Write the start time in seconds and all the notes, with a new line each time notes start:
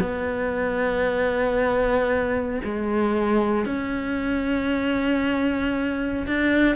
0.00 B3
2.64 G#3
3.65 C#4
6.27 D4